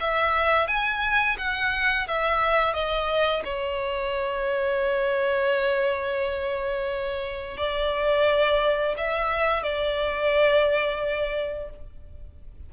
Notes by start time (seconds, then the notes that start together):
0.00 E5
0.68 G#5
1.38 F#5
2.08 E5
2.74 D#5
3.45 C#5
7.57 D5
8.97 E5
9.63 D5